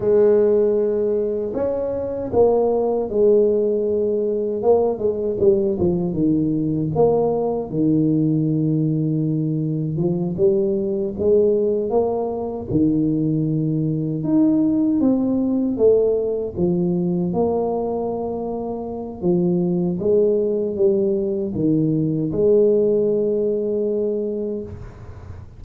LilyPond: \new Staff \with { instrumentName = "tuba" } { \time 4/4 \tempo 4 = 78 gis2 cis'4 ais4 | gis2 ais8 gis8 g8 f8 | dis4 ais4 dis2~ | dis4 f8 g4 gis4 ais8~ |
ais8 dis2 dis'4 c'8~ | c'8 a4 f4 ais4.~ | ais4 f4 gis4 g4 | dis4 gis2. | }